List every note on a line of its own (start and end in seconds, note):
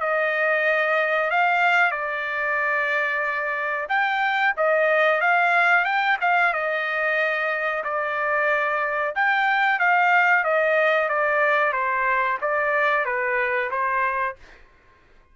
0.00 1.30 D#5
1.30 1.91 F5
1.91 3.87 D5
3.89 4.54 G5
4.57 5.20 D#5
5.20 5.84 F5
5.84 6.17 G5
6.20 6.53 F5
6.53 7.83 D#5
7.84 9.14 D5
9.15 9.79 G5
9.79 10.44 F5
10.44 11.09 D#5
11.09 11.72 D5
11.72 12.38 C5
12.41 13.05 D5
13.05 13.70 B4
13.71 14.36 C5